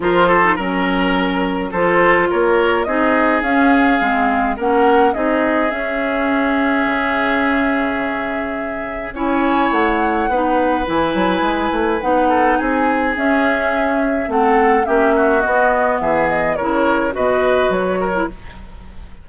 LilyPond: <<
  \new Staff \with { instrumentName = "flute" } { \time 4/4 \tempo 4 = 105 c''4 ais'2 c''4 | cis''4 dis''4 f''2 | fis''4 dis''4 e''2~ | e''1 |
gis''4 fis''2 gis''4~ | gis''4 fis''4 gis''4 e''4~ | e''4 fis''4 e''4 dis''4 | e''8 dis''8 cis''4 dis''4 cis''4 | }
  \new Staff \with { instrumentName = "oboe" } { \time 4/4 ais'8 a'8 ais'2 a'4 | ais'4 gis'2. | ais'4 gis'2.~ | gis'1 |
cis''2 b'2~ | b'4. a'8 gis'2~ | gis'4 a'4 g'8 fis'4. | gis'4 ais'4 b'4. ais'8 | }
  \new Staff \with { instrumentName = "clarinet" } { \time 4/4 f'8. dis'16 cis'2 f'4~ | f'4 dis'4 cis'4 c'4 | cis'4 dis'4 cis'2~ | cis'1 |
e'2 dis'4 e'4~ | e'4 dis'2 cis'4~ | cis'4 c'4 cis'4 b4~ | b4 e'4 fis'4.~ fis'16 e'16 | }
  \new Staff \with { instrumentName = "bassoon" } { \time 4/4 f4 fis2 f4 | ais4 c'4 cis'4 gis4 | ais4 c'4 cis'2 | cis1 |
cis'4 a4 b4 e8 fis8 | gis8 a8 b4 c'4 cis'4~ | cis'4 a4 ais4 b4 | e4 cis4 b,4 fis4 | }
>>